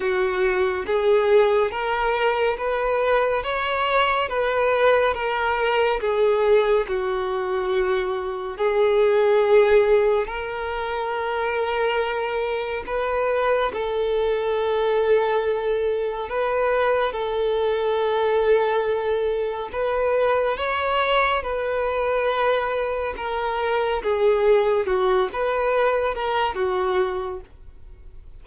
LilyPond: \new Staff \with { instrumentName = "violin" } { \time 4/4 \tempo 4 = 70 fis'4 gis'4 ais'4 b'4 | cis''4 b'4 ais'4 gis'4 | fis'2 gis'2 | ais'2. b'4 |
a'2. b'4 | a'2. b'4 | cis''4 b'2 ais'4 | gis'4 fis'8 b'4 ais'8 fis'4 | }